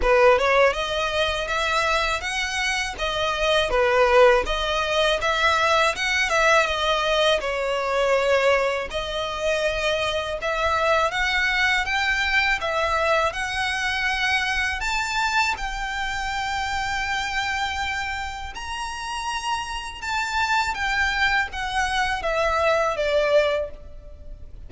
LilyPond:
\new Staff \with { instrumentName = "violin" } { \time 4/4 \tempo 4 = 81 b'8 cis''8 dis''4 e''4 fis''4 | dis''4 b'4 dis''4 e''4 | fis''8 e''8 dis''4 cis''2 | dis''2 e''4 fis''4 |
g''4 e''4 fis''2 | a''4 g''2.~ | g''4 ais''2 a''4 | g''4 fis''4 e''4 d''4 | }